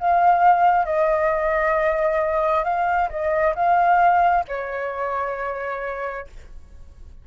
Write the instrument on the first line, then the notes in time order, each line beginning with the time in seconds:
flute
0.00 F5
0.85 D#5
2.65 F5
3.10 D#5
3.55 F5
4.49 C#5